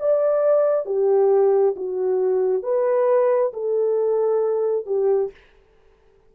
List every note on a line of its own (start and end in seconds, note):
0.00 0.86 D5
0.86 1.76 G4
1.76 2.63 F#4
2.63 3.53 B4
3.53 4.86 A4
4.86 5.31 G4